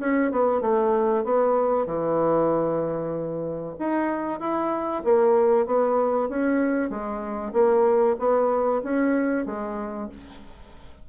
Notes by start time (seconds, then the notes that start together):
0.00 C#4
0.31 B3
0.61 A3
1.24 B3
1.86 E3
3.79 D#4
4.40 E4
5.04 A#3
5.66 B3
6.29 C#4
6.90 G#3
7.53 A#3
8.19 B3
8.84 C#4
9.46 G#3